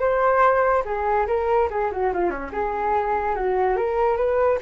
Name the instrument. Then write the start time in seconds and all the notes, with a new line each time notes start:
flute
0.00 C5
0.85 G#4
1.27 A#4
1.70 G#4
1.92 F#4
2.13 F4
2.30 C#4
2.52 G#4
3.35 F#4
3.77 A#4
4.17 B4